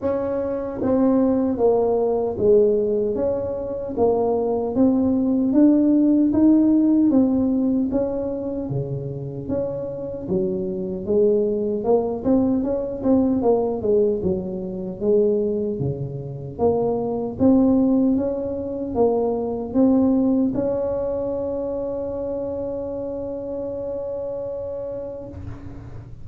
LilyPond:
\new Staff \with { instrumentName = "tuba" } { \time 4/4 \tempo 4 = 76 cis'4 c'4 ais4 gis4 | cis'4 ais4 c'4 d'4 | dis'4 c'4 cis'4 cis4 | cis'4 fis4 gis4 ais8 c'8 |
cis'8 c'8 ais8 gis8 fis4 gis4 | cis4 ais4 c'4 cis'4 | ais4 c'4 cis'2~ | cis'1 | }